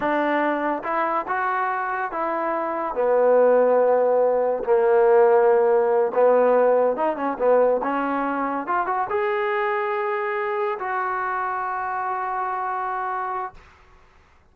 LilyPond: \new Staff \with { instrumentName = "trombone" } { \time 4/4 \tempo 4 = 142 d'2 e'4 fis'4~ | fis'4 e'2 b4~ | b2. ais4~ | ais2~ ais8 b4.~ |
b8 dis'8 cis'8 b4 cis'4.~ | cis'8 f'8 fis'8 gis'2~ gis'8~ | gis'4. fis'2~ fis'8~ | fis'1 | }